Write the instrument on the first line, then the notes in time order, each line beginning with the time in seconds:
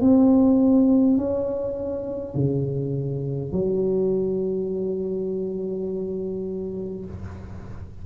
tuba
0.00 C4
1.17 C#4
2.35 C#3
3.52 F#3